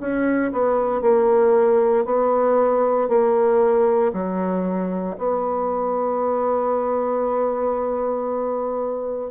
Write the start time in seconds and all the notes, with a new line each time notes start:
0.00 C#4
0.52 B3
1.02 A#3
2.05 B3
3.08 A#3
4.13 F#3
5.18 B3